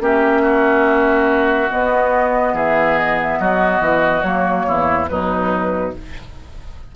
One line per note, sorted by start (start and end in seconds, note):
0.00 1.69 A#3
0.00 1.69 C#4
0.00 0.42 G4
0.00 1.71 E5
0.42 2.54 F#4
1.70 4.23 B3
1.70 2.54 B3
1.70 2.55 D#5
2.54 3.38 E3
2.54 3.39 G#4
2.54 2.98 E5
2.98 3.19 D#5
3.22 3.40 E5
3.40 3.81 F#3
3.40 4.67 F#4
3.40 4.23 D#5
3.81 4.23 E3
4.23 4.66 F#3
4.23 5.08 A#3
4.23 5.07 C#5
4.68 5.11 E2
4.68 5.10 E4
5.08 5.95 B2
5.08 5.92 F#3
5.08 5.96 D#4
5.08 5.92 B4